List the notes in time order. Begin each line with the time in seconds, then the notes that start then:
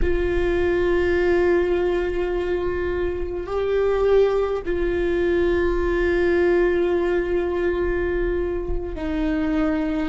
0.02 F4
3.46 G4
4.65 F4
8.95 D#4